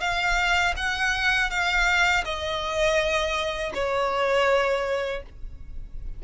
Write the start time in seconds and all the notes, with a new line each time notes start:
0.00 F5
0.77 F#5
1.50 F5
2.25 D#5
3.74 C#5